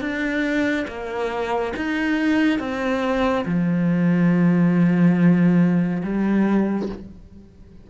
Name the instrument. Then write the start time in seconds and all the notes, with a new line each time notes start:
cello
0.00 D4
0.87 A#3
1.76 D#4
2.59 C4
3.45 F3
6.03 G3